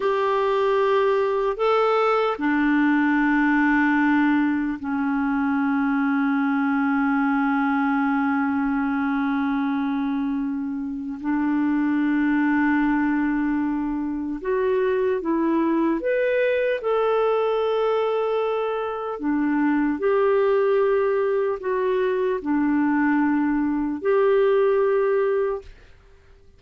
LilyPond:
\new Staff \with { instrumentName = "clarinet" } { \time 4/4 \tempo 4 = 75 g'2 a'4 d'4~ | d'2 cis'2~ | cis'1~ | cis'2 d'2~ |
d'2 fis'4 e'4 | b'4 a'2. | d'4 g'2 fis'4 | d'2 g'2 | }